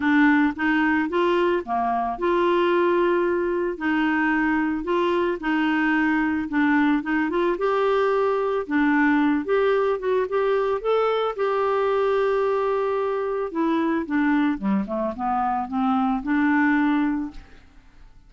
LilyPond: \new Staff \with { instrumentName = "clarinet" } { \time 4/4 \tempo 4 = 111 d'4 dis'4 f'4 ais4 | f'2. dis'4~ | dis'4 f'4 dis'2 | d'4 dis'8 f'8 g'2 |
d'4. g'4 fis'8 g'4 | a'4 g'2.~ | g'4 e'4 d'4 g8 a8 | b4 c'4 d'2 | }